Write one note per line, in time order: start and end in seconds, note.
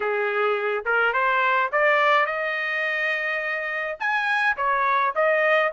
0.00 0.84 G#4
0.85 1.13 A#4
1.13 1.70 C5
1.71 2.26 D5
2.26 3.97 D#5
3.99 4.56 G#5
4.56 5.14 C#5
5.15 5.72 D#5